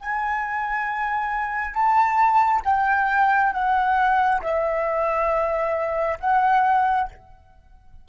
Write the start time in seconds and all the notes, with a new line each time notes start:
0.00 G#5
1.74 A5
2.64 G5
3.53 F#5
4.41 E5
6.20 F#5